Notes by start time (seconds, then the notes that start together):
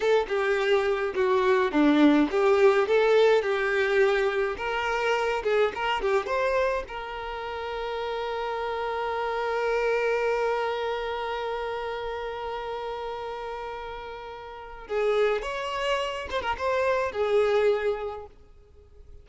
0.00 A4
0.28 G4
1.15 F#4
1.71 D4
2.30 G4
2.87 A4
3.41 G4
4.57 A#4
5.43 G#4
5.74 A#4
6.01 G4
6.26 C5
6.88 A#4
14.87 G#4
15.42 C#5
16.30 C5
16.41 A#4
16.58 C5
17.12 G#4